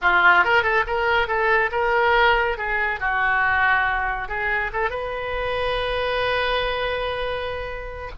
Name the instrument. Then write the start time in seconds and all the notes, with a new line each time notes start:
oboe
0.01 F4
0.44 A#4
0.62 A4
0.86 A#4
1.27 A4
1.71 A#4
2.57 G#4
3.00 F#4
4.28 G#4
4.72 A4
4.90 B4